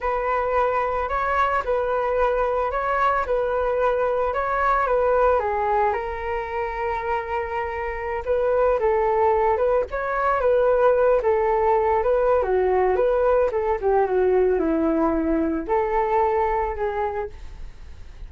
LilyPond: \new Staff \with { instrumentName = "flute" } { \time 4/4 \tempo 4 = 111 b'2 cis''4 b'4~ | b'4 cis''4 b'2 | cis''4 b'4 gis'4 ais'4~ | ais'2.~ ais'16 b'8.~ |
b'16 a'4. b'8 cis''4 b'8.~ | b'8. a'4. b'8. fis'4 | b'4 a'8 g'8 fis'4 e'4~ | e'4 a'2 gis'4 | }